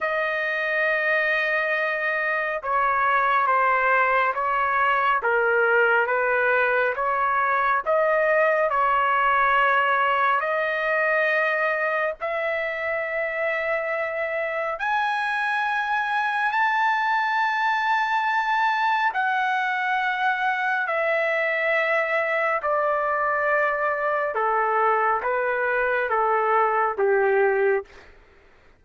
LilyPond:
\new Staff \with { instrumentName = "trumpet" } { \time 4/4 \tempo 4 = 69 dis''2. cis''4 | c''4 cis''4 ais'4 b'4 | cis''4 dis''4 cis''2 | dis''2 e''2~ |
e''4 gis''2 a''4~ | a''2 fis''2 | e''2 d''2 | a'4 b'4 a'4 g'4 | }